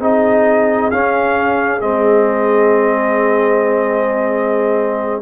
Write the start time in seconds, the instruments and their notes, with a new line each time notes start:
0.00 tuba C4, trombone D#4, horn G#4, trumpet D#5
0.91 trombone C#4, tuba C#4, trumpet F5
1.81 tuba G#3, trombone C4, trumpet D#5